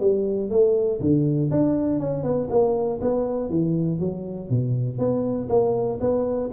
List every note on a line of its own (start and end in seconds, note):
0.00 0.50 G3
0.50 1.00 A3
1.00 1.50 D3
1.51 2.00 D4
2.00 2.23 C#4
2.23 2.48 B3
2.50 3.00 A#3
3.01 3.50 B3
3.50 4.00 E3
4.00 4.50 F#3
4.50 4.98 B2
4.98 5.48 B3
5.49 5.99 A#3
6.00 6.50 B3